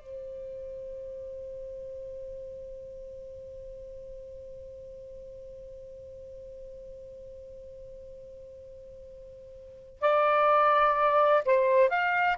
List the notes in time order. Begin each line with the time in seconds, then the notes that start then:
0.00 C5
10.00 D5
11.45 C5
11.89 F5